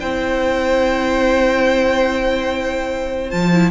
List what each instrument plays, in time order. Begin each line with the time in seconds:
0.00 cello C4, viola E4, violin C5 G5
3.31 cello F3, viola F4, violin A5
3.52 viola E4